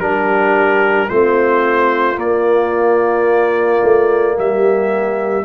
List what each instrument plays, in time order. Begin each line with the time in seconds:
0.00 tuba G3, trombone D4, horn G4, trumpet A#4
1.09 tuba A3, trombone C4, horn F4, trumpet C5
2.16 trombone A#3, tuba A#3, trumpet D5
3.83 tuba A3
4.38 tuba G3, horn G4, trumpet E5